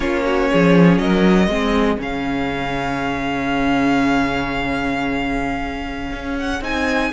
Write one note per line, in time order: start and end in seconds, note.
0.00 0.49 A#3
0.00 1.49 C#4
0.00 0.23 F4
0.00 0.97 C#5
0.25 0.50 F#4
0.51 0.98 F3
0.51 1.01 G#4
0.97 1.47 F#3
0.97 1.50 A#4
0.97 1.97 D#5
1.47 1.97 G#3
1.47 1.97 C4
1.47 7.13 G#4
1.97 6.11 C#3
1.97 6.60 C#4
1.97 6.38 F5
6.12 6.61 C#4
6.38 6.63 F#5
6.61 7.11 C4
6.61 7.12 D#4
6.61 7.13 G#5